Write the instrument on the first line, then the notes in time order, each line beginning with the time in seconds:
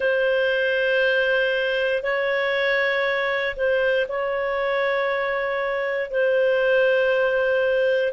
clarinet
0.00 C5
2.02 C#5
3.56 C5
4.08 C#5
6.10 C5